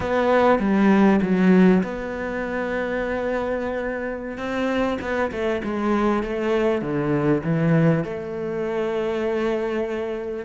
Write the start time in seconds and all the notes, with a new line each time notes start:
0.00 B3
0.59 G3
1.22 F#3
1.83 B3
4.37 C4
5.01 B3
5.31 A3
5.64 G#3
6.23 A3
6.81 D3
7.43 E3
8.04 A3